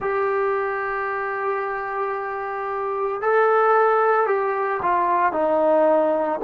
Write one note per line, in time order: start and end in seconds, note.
0.00 3.21 G4
3.21 4.27 A4
4.27 4.80 G4
4.82 5.32 F4
5.32 6.39 D#4